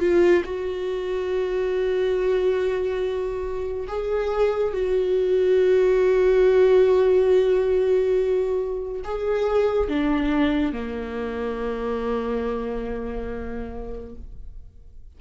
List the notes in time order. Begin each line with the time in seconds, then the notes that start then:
0.00 F4
0.45 F#4
3.88 G#4
4.74 F#4
9.05 G#4
9.89 D4
10.73 A#3